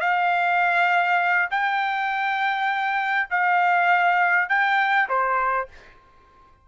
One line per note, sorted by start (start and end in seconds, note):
0.00 1.49 F5
1.50 3.28 G5
3.30 4.49 F5
4.49 5.08 G5
5.08 5.68 C5